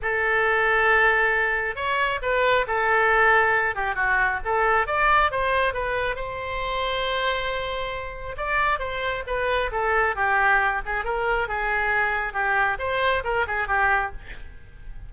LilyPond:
\new Staff \with { instrumentName = "oboe" } { \time 4/4 \tempo 4 = 136 a'1 | cis''4 b'4 a'2~ | a'8 g'8 fis'4 a'4 d''4 | c''4 b'4 c''2~ |
c''2. d''4 | c''4 b'4 a'4 g'4~ | g'8 gis'8 ais'4 gis'2 | g'4 c''4 ais'8 gis'8 g'4 | }